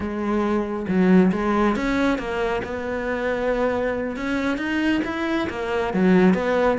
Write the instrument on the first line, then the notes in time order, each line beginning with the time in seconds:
cello
0.00 G#3
0.87 F#3
1.32 G#3
1.75 C#4
2.18 A#3
2.64 B3
4.16 C#4
4.57 D#4
5.04 E4
5.49 A#3
5.93 F#3
6.34 B3